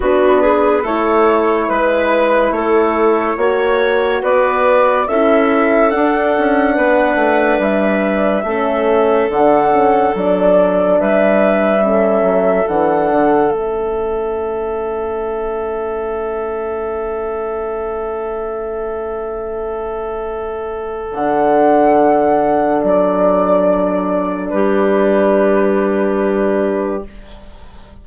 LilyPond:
<<
  \new Staff \with { instrumentName = "flute" } { \time 4/4 \tempo 4 = 71 b'4 cis''4 b'4 cis''4~ | cis''4 d''4 e''4 fis''4~ | fis''4 e''2 fis''4 | d''4 e''2 fis''4 |
e''1~ | e''1~ | e''4 fis''2 d''4~ | d''4 b'2. | }
  \new Staff \with { instrumentName = "clarinet" } { \time 4/4 fis'8 gis'8 a'4 b'4 a'4 | cis''4 b'4 a'2 | b'2 a'2~ | a'4 b'4 a'2~ |
a'1~ | a'1~ | a'1~ | a'4 g'2. | }
  \new Staff \with { instrumentName = "horn" } { \time 4/4 d'4 e'2. | fis'2 e'4 d'4~ | d'2 cis'4 d'8 cis'8 | d'2 cis'4 d'4 |
cis'1~ | cis'1~ | cis'4 d'2.~ | d'1 | }
  \new Staff \with { instrumentName = "bassoon" } { \time 4/4 b4 a4 gis4 a4 | ais4 b4 cis'4 d'8 cis'8 | b8 a8 g4 a4 d4 | fis4 g4. fis8 e8 d8 |
a1~ | a1~ | a4 d2 fis4~ | fis4 g2. | }
>>